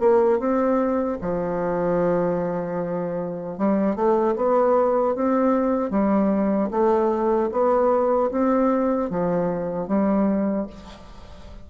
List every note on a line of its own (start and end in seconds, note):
0.00 0.39 A#3
0.39 1.18 C4
1.22 3.58 F3
3.58 3.96 G3
3.96 4.36 A3
4.37 5.16 B3
5.16 5.91 C4
5.91 6.70 G3
6.71 7.50 A3
7.52 8.31 B3
8.32 9.10 C4
9.10 9.88 F3
9.88 10.67 G3